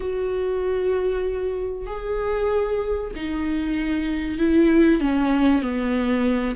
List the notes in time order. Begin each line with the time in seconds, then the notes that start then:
0.00 F#4
1.86 G#4
3.15 D#4
4.38 E4
5.00 C#4
5.62 B3